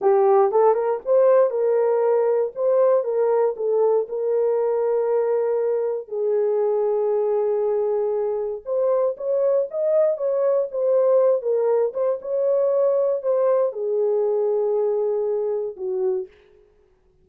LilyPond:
\new Staff \with { instrumentName = "horn" } { \time 4/4 \tempo 4 = 118 g'4 a'8 ais'8 c''4 ais'4~ | ais'4 c''4 ais'4 a'4 | ais'1 | gis'1~ |
gis'4 c''4 cis''4 dis''4 | cis''4 c''4. ais'4 c''8 | cis''2 c''4 gis'4~ | gis'2. fis'4 | }